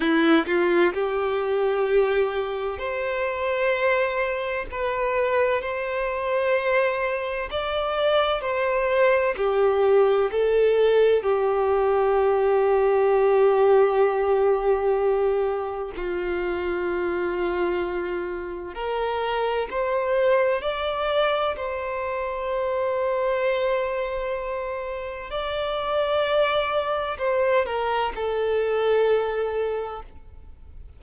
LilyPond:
\new Staff \with { instrumentName = "violin" } { \time 4/4 \tempo 4 = 64 e'8 f'8 g'2 c''4~ | c''4 b'4 c''2 | d''4 c''4 g'4 a'4 | g'1~ |
g'4 f'2. | ais'4 c''4 d''4 c''4~ | c''2. d''4~ | d''4 c''8 ais'8 a'2 | }